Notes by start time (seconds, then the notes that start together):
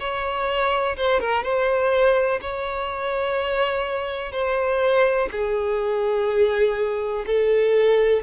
0.00 C#5
0.97 C5
1.21 A#4
1.43 C5
2.41 C#5
4.32 C5
5.32 G#4
7.27 A4